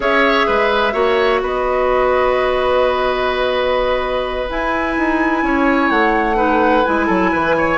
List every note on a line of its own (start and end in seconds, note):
0.00 0.45 C#4
0.00 0.92 G#4
0.00 0.47 C#5
0.00 1.43 E5
0.47 0.94 G#3
0.47 0.93 B4
0.92 1.41 A#3
0.92 4.46 F#4
0.92 1.40 C#5
1.41 4.48 B3
1.41 5.44 B4
1.41 4.49 D#5
4.49 6.35 E4
4.49 4.96 E4
4.49 5.90 G#5
4.97 5.42 D#4
5.42 5.89 C#4
5.42 6.36 C#5
5.89 6.84 A3
5.89 6.84 F#5
6.35 6.82 D#4
6.35 7.06 B4
6.84 7.08 G#3
6.84 7.78 E4
6.84 7.78 G#5
7.06 7.32 F#3
7.06 7.30 A4
7.32 7.78 E3
7.32 7.55 B4
7.57 7.78 C#5